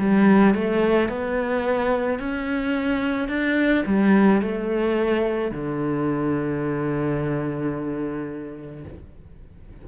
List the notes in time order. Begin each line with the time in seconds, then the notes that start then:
0.00 G3
0.55 A3
1.09 B3
2.20 C#4
3.29 D4
3.86 G3
4.42 A3
5.52 D3